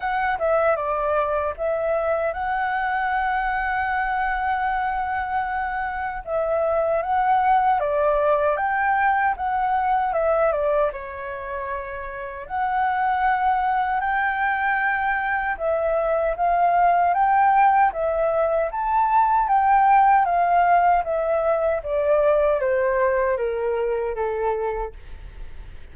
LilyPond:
\new Staff \with { instrumentName = "flute" } { \time 4/4 \tempo 4 = 77 fis''8 e''8 d''4 e''4 fis''4~ | fis''1 | e''4 fis''4 d''4 g''4 | fis''4 e''8 d''8 cis''2 |
fis''2 g''2 | e''4 f''4 g''4 e''4 | a''4 g''4 f''4 e''4 | d''4 c''4 ais'4 a'4 | }